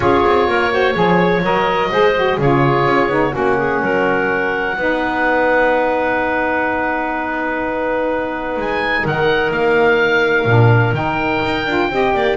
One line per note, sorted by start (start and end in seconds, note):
0.00 0.24 C#4
0.00 0.70 F4
0.00 0.48 G#4
0.00 1.42 C#5
0.26 0.47 C4
0.47 0.95 A#3
0.47 0.72 A#4
0.71 0.93 F#4
0.71 0.93 C5
0.93 1.42 F3
0.93 1.41 G#4
0.93 1.88 C#5
1.42 1.89 F#3
1.42 1.90 A#4
1.42 2.40 D#5
1.90 2.38 G#3
1.90 2.14 G#4
1.90 2.38 C5
2.15 2.39 F#4
2.38 2.85 C#3
2.38 3.09 F4
2.38 3.32 G#4
2.38 3.35 C#5
2.85 3.09 C#4
3.09 3.32 B3
3.09 3.31 D#4
3.31 3.81 A#3
3.31 4.74 C#4
3.31 3.55 F#4
3.31 8.59 F#5
3.57 3.81 G#4
3.81 4.76 F#3
3.81 4.77 A#4
4.76 8.56 B3
4.76 10.47 D#4
4.76 9.03 B4
8.56 9.04 G#3
8.56 9.07 G#5
9.03 9.50 D#3
9.03 11.88 A#4
9.03 9.52 F#5
9.50 10.45 A#3
9.50 10.94 F5
10.45 10.92 A#2
10.45 10.94 D4
10.92 11.40 D#3
10.92 11.65 D#4
10.92 12.37 G5
11.44 11.66 D#4
11.66 11.89 D4
11.66 11.90 F4
11.89 12.13 C4
11.89 12.37 G4
11.89 12.14 D#5
12.14 12.37 A#3
12.14 12.37 D5